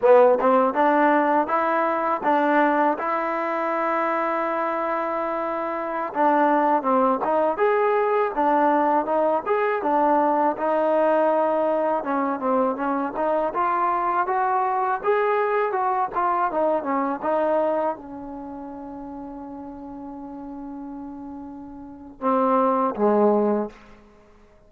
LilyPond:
\new Staff \with { instrumentName = "trombone" } { \time 4/4 \tempo 4 = 81 b8 c'8 d'4 e'4 d'4 | e'1~ | e'16 d'4 c'8 dis'8 gis'4 d'8.~ | d'16 dis'8 gis'8 d'4 dis'4.~ dis'16~ |
dis'16 cis'8 c'8 cis'8 dis'8 f'4 fis'8.~ | fis'16 gis'4 fis'8 f'8 dis'8 cis'8 dis'8.~ | dis'16 cis'2.~ cis'8.~ | cis'2 c'4 gis4 | }